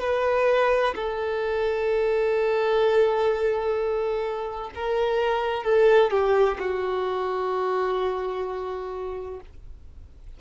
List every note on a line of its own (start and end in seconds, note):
0.00 0.94 B4
0.95 4.70 A4
4.74 5.64 A#4
5.64 6.10 A4
6.10 6.57 G4
6.59 9.40 F#4